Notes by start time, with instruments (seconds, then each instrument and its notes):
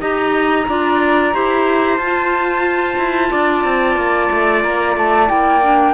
0.00 cello D#4, clarinet G4, trumpet D#5, flute A#5
0.68 cello D4, clarinet F4, trumpet D5
1.33 cello E4, clarinet G4, trumpet C5
1.97 cello F4, clarinet F4, flute A5
2.98 cello E4
3.31 cello D4, trumpet D5
3.64 cello C4
3.96 cello A#3
4.31 cello A3
4.63 cello A#3, flute A#5
4.96 cello A3, flute A5
5.27 cello A#3, clarinet E4, flute G5
5.62 clarinet D4